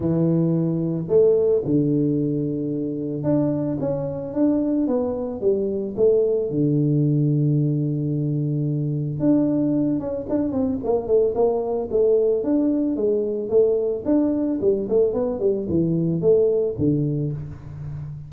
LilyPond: \new Staff \with { instrumentName = "tuba" } { \time 4/4 \tempo 4 = 111 e2 a4 d4~ | d2 d'4 cis'4 | d'4 b4 g4 a4 | d1~ |
d4 d'4. cis'8 d'8 c'8 | ais8 a8 ais4 a4 d'4 | gis4 a4 d'4 g8 a8 | b8 g8 e4 a4 d4 | }